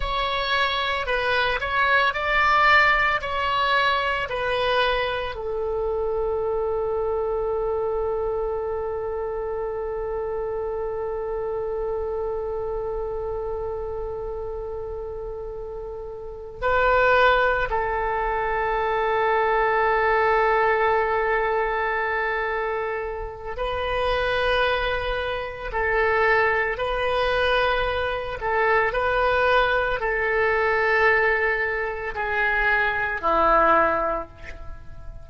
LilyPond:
\new Staff \with { instrumentName = "oboe" } { \time 4/4 \tempo 4 = 56 cis''4 b'8 cis''8 d''4 cis''4 | b'4 a'2.~ | a'1~ | a'2.~ a'8 b'8~ |
b'8 a'2.~ a'8~ | a'2 b'2 | a'4 b'4. a'8 b'4 | a'2 gis'4 e'4 | }